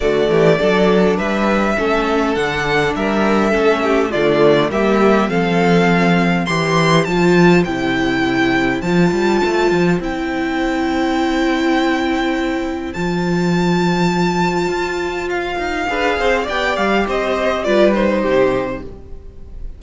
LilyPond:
<<
  \new Staff \with { instrumentName = "violin" } { \time 4/4 \tempo 4 = 102 d''2 e''2 | fis''4 e''2 d''4 | e''4 f''2 c'''4 | a''4 g''2 a''4~ |
a''4 g''2.~ | g''2 a''2~ | a''2 f''2 | g''8 f''8 dis''4 d''8 c''4. | }
  \new Staff \with { instrumentName = "violin" } { \time 4/4 fis'8 g'8 a'4 b'4 a'4~ | a'4 ais'4 a'8 g'8 f'4 | g'4 a'2 c''4~ | c''1~ |
c''1~ | c''1~ | c''2. b'8 c''8 | d''4 c''4 b'4 g'4 | }
  \new Staff \with { instrumentName = "viola" } { \time 4/4 a4 d'2 cis'4 | d'2 cis'4 a4 | ais4 c'2 g'4 | f'4 e'2 f'4~ |
f'4 e'2.~ | e'2 f'2~ | f'2. gis'4 | g'2 f'8 dis'4. | }
  \new Staff \with { instrumentName = "cello" } { \time 4/4 d8 e8 fis4 g4 a4 | d4 g4 a4 d4 | g4 f2 e4 | f4 c2 f8 g8 |
a8 f8 c'2.~ | c'2 f2~ | f4 f'4. dis'8 d'8 c'8 | b8 g8 c'4 g4 c4 | }
>>